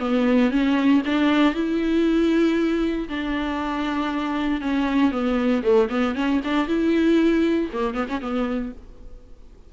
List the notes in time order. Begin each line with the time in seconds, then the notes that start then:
0.00 B3
0.51 C#4
1.06 D4
1.55 E4
3.09 D4
4.62 C#4
5.12 B3
5.63 A3
5.90 B3
6.15 C#4
6.45 D4
6.68 E4
7.74 A#3
7.95 B3
8.09 C#4
8.22 B3